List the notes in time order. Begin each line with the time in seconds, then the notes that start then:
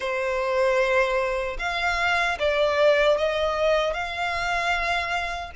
0.00 C5
1.59 F5
2.39 D5
3.17 D#5
3.93 F5